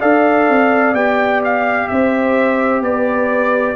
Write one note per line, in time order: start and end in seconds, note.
0.00 0.49 D4
0.00 0.94 A4
0.00 1.88 D5
0.00 0.94 F5
0.49 0.93 C4
0.93 1.87 B3
0.93 3.76 G4
0.93 1.41 G5
1.44 1.88 F5
1.88 2.80 C4
1.88 2.84 C5
1.88 2.81 E5
2.80 3.74 B3
2.80 3.76 B4
2.80 3.76 D5